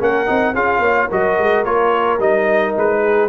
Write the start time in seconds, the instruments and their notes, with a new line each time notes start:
0.00 tuba A#3, trombone C#4, horn A#4, trumpet F#5
0.26 tuba C4, trombone D#4
0.54 tuba C#4, trombone F4, horn G#4, trumpet F5
0.79 tuba A#3, horn C#5
1.08 tuba F#3, trombone F#4, horn A#4, trumpet D#5
1.38 tuba G#3
1.64 tuba A#3, trombone F4, trumpet C#5
2.19 tuba G3, trombone D#4, trumpet D#5
2.77 tuba G#3, trumpet B4
3.03 horn G#4